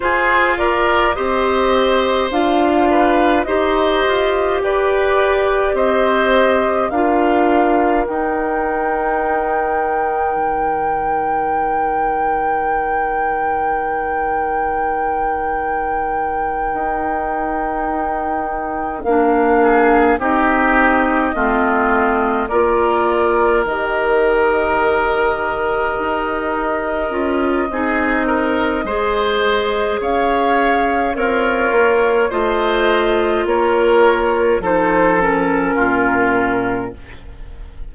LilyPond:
<<
  \new Staff \with { instrumentName = "flute" } { \time 4/4 \tempo 4 = 52 c''8 d''8 dis''4 f''4 dis''4 | d''4 dis''4 f''4 g''4~ | g''1~ | g''1~ |
g''8 f''4 dis''2 d''8~ | d''8 dis''2.~ dis''8~ | dis''2 f''4 cis''4 | dis''4 cis''4 c''8 ais'4. | }
  \new Staff \with { instrumentName = "oboe" } { \time 4/4 gis'8 ais'8 c''4. b'8 c''4 | b'4 c''4 ais'2~ | ais'1~ | ais'1~ |
ais'4 gis'8 g'4 f'4 ais'8~ | ais'1 | gis'8 ais'8 c''4 cis''4 f'4 | c''4 ais'4 a'4 f'4 | }
  \new Staff \with { instrumentName = "clarinet" } { \time 4/4 f'4 g'4 f'4 g'4~ | g'2 f'4 dis'4~ | dis'1~ | dis'1~ |
dis'8 d'4 dis'4 c'4 f'8~ | f'8 g'2. f'8 | dis'4 gis'2 ais'4 | f'2 dis'8 cis'4. | }
  \new Staff \with { instrumentName = "bassoon" } { \time 4/4 f'4 c'4 d'4 dis'8 f'8 | g'4 c'4 d'4 dis'4~ | dis'4 dis2.~ | dis2~ dis8 dis'4.~ |
dis'8 ais4 c'4 a4 ais8~ | ais8 dis2 dis'4 cis'8 | c'4 gis4 cis'4 c'8 ais8 | a4 ais4 f4 ais,4 | }
>>